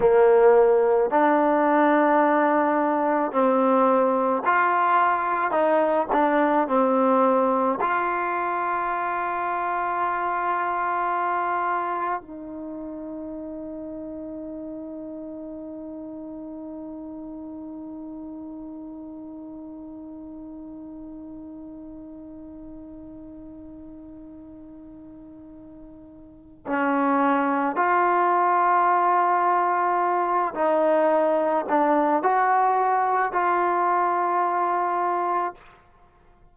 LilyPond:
\new Staff \with { instrumentName = "trombone" } { \time 4/4 \tempo 4 = 54 ais4 d'2 c'4 | f'4 dis'8 d'8 c'4 f'4~ | f'2. dis'4~ | dis'1~ |
dis'1~ | dis'1 | cis'4 f'2~ f'8 dis'8~ | dis'8 d'8 fis'4 f'2 | }